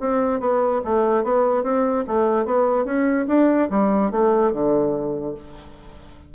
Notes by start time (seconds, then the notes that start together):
0.00 C4
0.40 B3
0.85 A3
1.24 B3
1.63 C4
2.07 A3
2.46 B3
2.85 C#4
3.28 D4
3.70 G3
4.11 A3
4.53 D3